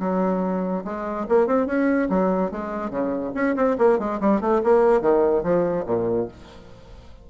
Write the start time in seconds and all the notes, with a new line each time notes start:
0.00 F#3
0.85 G#3
1.29 A#3
1.47 C4
1.67 C#4
2.10 F#3
2.51 G#3
2.91 C#3
3.35 C#4
3.56 C4
3.79 A#3
3.99 G#3
4.21 G3
4.41 A3
4.64 A#3
5.01 D#3
5.43 F3
5.86 A#2